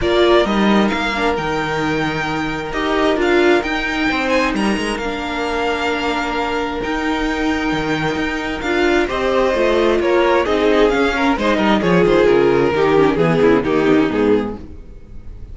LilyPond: <<
  \new Staff \with { instrumentName = "violin" } { \time 4/4 \tempo 4 = 132 d''4 dis''4 f''4 g''4~ | g''2 dis''4 f''4 | g''4. gis''8 ais''4 f''4~ | f''2. g''4~ |
g''2. f''4 | dis''2 cis''4 dis''4 | f''4 dis''4 cis''8 c''8 ais'4~ | ais'4 gis'4 g'4 gis'4 | }
  \new Staff \with { instrumentName = "violin" } { \time 4/4 ais'1~ | ais'1~ | ais'4 c''4 ais'2~ | ais'1~ |
ais'1 | c''2 ais'4 gis'4~ | gis'8 ais'8 c''8 ais'8 gis'2 | g'4 gis'8 e'8 dis'2 | }
  \new Staff \with { instrumentName = "viola" } { \time 4/4 f'4 dis'4. d'8 dis'4~ | dis'2 g'4 f'4 | dis'2. d'4~ | d'2. dis'4~ |
dis'2. f'4 | g'4 f'2 dis'4 | cis'4 dis'4 f'2 | dis'8 cis'8 b4 ais8 b16 cis'16 b4 | }
  \new Staff \with { instrumentName = "cello" } { \time 4/4 ais4 g4 ais4 dis4~ | dis2 dis'4 d'4 | dis'4 c'4 g8 gis8 ais4~ | ais2. dis'4~ |
dis'4 dis4 dis'4 d'4 | c'4 a4 ais4 c'4 | cis'4 gis8 g8 f8 dis8 cis4 | dis4 e8 cis8 dis4 gis,4 | }
>>